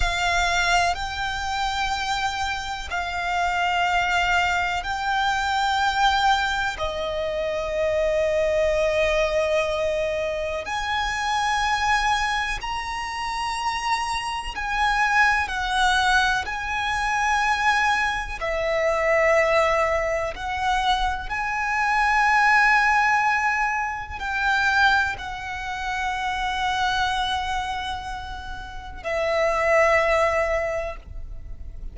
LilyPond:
\new Staff \with { instrumentName = "violin" } { \time 4/4 \tempo 4 = 62 f''4 g''2 f''4~ | f''4 g''2 dis''4~ | dis''2. gis''4~ | gis''4 ais''2 gis''4 |
fis''4 gis''2 e''4~ | e''4 fis''4 gis''2~ | gis''4 g''4 fis''2~ | fis''2 e''2 | }